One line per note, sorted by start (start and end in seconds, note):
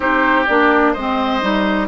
0.00 0.46 C4
0.00 0.44 D#4
0.00 0.93 G4
0.00 0.45 C5
0.46 0.95 A#3
0.46 0.96 D4
0.46 0.93 D5
0.93 1.42 G#3
0.93 1.41 C4
0.93 1.86 C5
0.93 1.87 D#5
1.41 1.87 G3
1.41 1.87 D#4